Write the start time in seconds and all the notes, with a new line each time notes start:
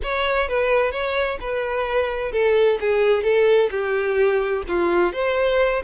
0.02 C#5
0.48 B4
0.91 C#5
1.40 B4
2.32 A4
2.80 G#4
3.23 A4
3.70 G4
4.67 F4
5.12 C5